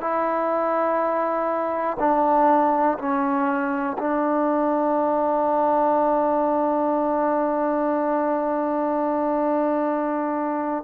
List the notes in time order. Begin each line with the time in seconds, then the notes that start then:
0.00 E4
1.99 D4
2.98 C#4
3.98 D4